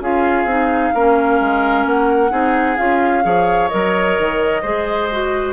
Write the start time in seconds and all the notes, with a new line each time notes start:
0.00 C#4 F4 G#4 F5
0.44 C4 D#4
0.94 A#3 C#4 A#4
1.40 G#3
1.85 A#3 F#5
2.30 C4 D#4 G#4
2.77 C#4 F4 F5
3.22 F3 G#4 C#5
3.68 F#3 A#4 D#5
4.18 D#3
4.62 G#3 G#4 C5
5.11 F#4